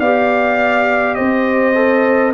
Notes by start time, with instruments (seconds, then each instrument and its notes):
0.00 tuba B3, trombone G4, horn D5, trumpet F5
1.15 tuba C4, horn C5, trumpet D#5
1.75 trombone A4